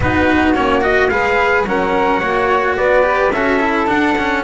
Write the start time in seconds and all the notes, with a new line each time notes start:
0.00 B3 D#4 F#4 B4
0.54 A#3 C#4 C#5
0.81 F#4 D#5
1.09 G#3 G#4 B4 F5
1.64 F#3 C#4 A#4 F#5
2.20 A#3 F#4 C#5
2.77 B3 B4 D5
3.02 G4
3.32 C#4 F#4 A4 E5
3.60 E4
3.86 D4 F#5
4.18 C#4